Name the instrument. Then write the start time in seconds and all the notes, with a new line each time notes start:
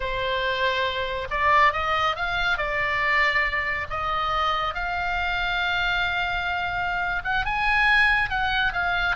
oboe
0.00 C5
1.30 D5
1.73 D#5
2.16 F5
2.57 D5
3.90 D#5
4.74 F5
7.24 F#5
7.45 G#5
8.29 F#5
8.72 F5